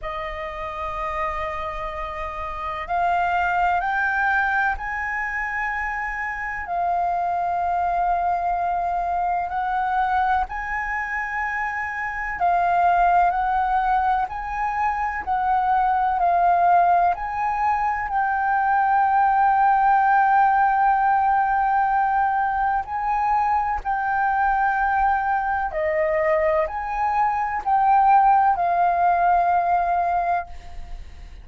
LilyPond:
\new Staff \with { instrumentName = "flute" } { \time 4/4 \tempo 4 = 63 dis''2. f''4 | g''4 gis''2 f''4~ | f''2 fis''4 gis''4~ | gis''4 f''4 fis''4 gis''4 |
fis''4 f''4 gis''4 g''4~ | g''1 | gis''4 g''2 dis''4 | gis''4 g''4 f''2 | }